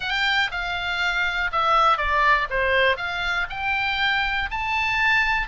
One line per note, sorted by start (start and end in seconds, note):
0.00 0.50 G5
0.51 1.51 F5
1.52 1.97 E5
1.97 2.48 D5
2.50 2.96 C5
2.96 3.46 F5
3.49 4.49 G5
4.50 5.47 A5